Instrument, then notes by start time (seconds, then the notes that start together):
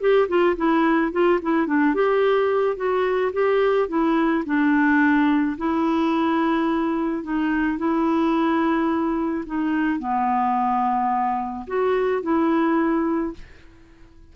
clarinet
0.00 G4
0.28 F4
0.56 E4
1.12 F4
1.41 E4
1.66 D4
1.94 G4
2.76 F#4
3.33 G4
3.88 E4
4.45 D4
5.57 E4
7.23 D#4
7.78 E4
9.45 D#4
9.99 B3
11.67 F#4
12.22 E4